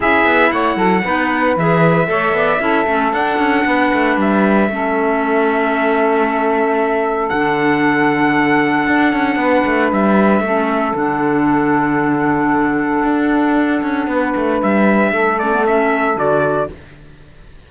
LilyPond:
<<
  \new Staff \with { instrumentName = "trumpet" } { \time 4/4 \tempo 4 = 115 e''4 fis''2 e''4~ | e''2 fis''2 | e''1~ | e''2 fis''2~ |
fis''2. e''4~ | e''4 fis''2.~ | fis''1 | e''4. d''8 e''4 d''4 | }
  \new Staff \with { instrumentName = "saxophone" } { \time 4/4 gis'4 cis''8 a'8 b'2 | cis''8 d''8 a'2 b'4~ | b'4 a'2.~ | a'1~ |
a'2 b'2 | a'1~ | a'2. b'4~ | b'4 a'2. | }
  \new Staff \with { instrumentName = "clarinet" } { \time 4/4 e'2 dis'4 gis'4 | a'4 e'8 cis'8 d'2~ | d'4 cis'2.~ | cis'2 d'2~ |
d'1 | cis'4 d'2.~ | d'1~ | d'4. cis'16 b16 cis'4 fis'4 | }
  \new Staff \with { instrumentName = "cello" } { \time 4/4 cis'8 b8 a8 fis8 b4 e4 | a8 b8 cis'8 a8 d'8 cis'8 b8 a8 | g4 a2.~ | a2 d2~ |
d4 d'8 cis'8 b8 a8 g4 | a4 d2.~ | d4 d'4. cis'8 b8 a8 | g4 a2 d4 | }
>>